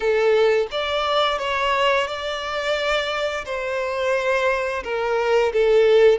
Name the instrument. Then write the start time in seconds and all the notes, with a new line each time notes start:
violin
0.00 A4
0.71 D5
1.38 C#5
2.07 D5
3.45 C5
4.83 A#4
5.52 A4